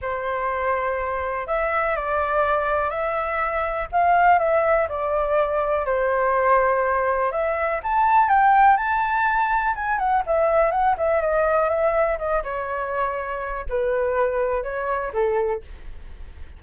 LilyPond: \new Staff \with { instrumentName = "flute" } { \time 4/4 \tempo 4 = 123 c''2. e''4 | d''2 e''2 | f''4 e''4 d''2 | c''2. e''4 |
a''4 g''4 a''2 | gis''8 fis''8 e''4 fis''8 e''8 dis''4 | e''4 dis''8 cis''2~ cis''8 | b'2 cis''4 a'4 | }